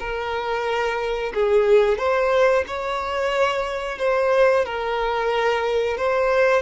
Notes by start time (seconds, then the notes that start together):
0.00 A#4
1.35 G#4
1.98 C5
2.67 C#5
3.99 C5
4.65 A#4
5.98 C5